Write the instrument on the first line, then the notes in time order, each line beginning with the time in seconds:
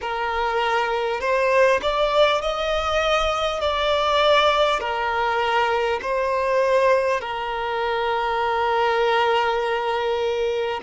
violin
0.01 A#4
1.20 C5
1.82 D5
2.41 D#5
3.61 D5
4.79 A#4
6.02 C5
7.21 A#4